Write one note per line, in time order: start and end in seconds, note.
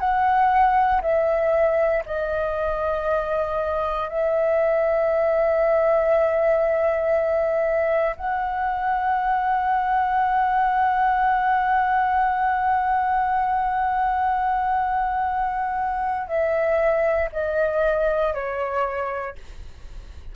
0.00 1.02 F#5
1.02 2.04 E5
2.06 4.10 D#5
4.10 8.16 E5
8.17 16.28 F#5
16.28 17.29 E5
17.33 18.34 D#5
18.34 19.36 C#5